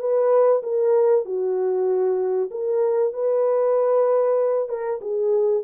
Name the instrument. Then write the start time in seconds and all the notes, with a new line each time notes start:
horn
0.00 B4
0.63 A#4
1.26 F#4
2.51 A#4
3.13 B4
4.69 A#4
5.01 G#4